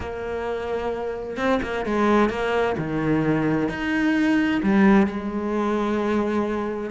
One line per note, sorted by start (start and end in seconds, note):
0.00 1.37 A#3
1.37 1.60 C4
1.62 1.85 A#3
1.85 2.29 G#3
2.29 2.75 A#3
2.77 3.68 D#3
3.68 4.61 D#4
4.62 5.06 G3
5.06 6.90 G#3